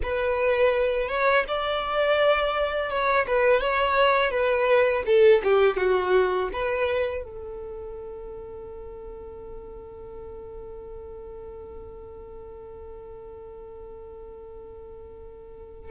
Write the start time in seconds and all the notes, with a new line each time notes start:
0.02 B4
1.08 C#5
1.48 D5
2.89 C#5
3.27 B4
3.60 C#5
4.30 B4
5.05 A4
5.43 G4
5.76 F#4
6.52 B4
7.23 A4